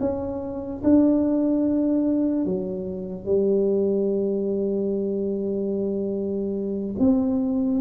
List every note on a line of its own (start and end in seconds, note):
0.00 0.82 C#4
0.84 2.45 D4
2.45 3.25 F#3
3.25 6.95 G3
6.99 7.81 C4